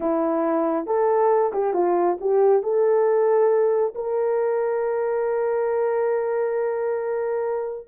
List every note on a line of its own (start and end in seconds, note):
0.00 0.86 E4
0.86 1.51 A4
1.52 1.73 G4
1.73 2.17 F4
2.20 2.62 G4
2.62 3.94 A4
3.95 7.87 A#4